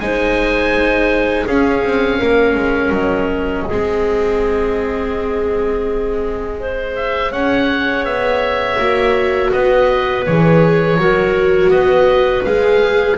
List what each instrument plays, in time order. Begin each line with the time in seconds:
0.00 double bass G#3, viola D#4, clarinet C5, oboe G#5
1.46 double bass C#4, viola C#4, clarinet G#4, oboe F5
1.84 double bass C4
2.18 double bass A#3, clarinet A#4
2.55 double bass G#3
2.90 double bass F#3, oboe D#5
3.67 double bass G#3, viola C4, clarinet G#4
6.59 viola G#4, clarinet C5
6.96 oboe E5
7.32 double bass C#4, clarinet C#5, oboe F#5
8.04 double bass B3, oboe E5
8.78 double bass A#3, viola F#4
9.52 double bass B3, clarinet B4, oboe D#5
10.26 double bass E3, viola G#4, oboe C#5
10.98 double bass F#3, viola F#4, clarinet A#4
11.69 double bass B3, clarinet B4, oboe D#5
12.44 double bass G#3, viola G#4, oboe F5